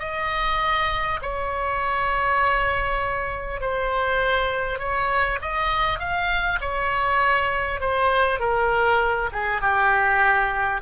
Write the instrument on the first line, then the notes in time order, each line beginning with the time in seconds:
oboe
0.00 D#5
1.22 C#5
3.61 C5
4.79 C#5
5.42 D#5
5.99 F5
6.61 C#5
7.81 C5
8.39 A#4
9.33 G#4
9.61 G4